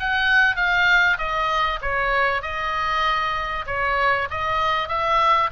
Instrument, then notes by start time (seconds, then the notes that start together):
oboe
0.00 F#5
0.56 F5
1.18 D#5
1.82 C#5
2.42 D#5
3.67 C#5
4.31 D#5
4.89 E5